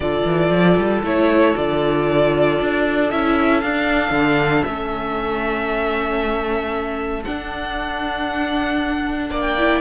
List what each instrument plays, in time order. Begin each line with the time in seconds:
0.00 cello D3, viola F4, violin A4 D5
0.25 cello E3
0.50 cello F3
0.77 cello G3
1.02 cello A3, viola E4, violin C#5
1.55 cello D3, viola F4, violin D5
2.60 cello D4
3.10 cello C#4, viola E4, violin E5
3.61 cello D4, viola D4, violin F5
4.10 cello D3
4.63 cello A3, viola C#4, violin E5
7.24 viola D4, cello D4, violin F#5
9.30 cello A#3, violin D5
9.40 violin G5
9.58 viola E4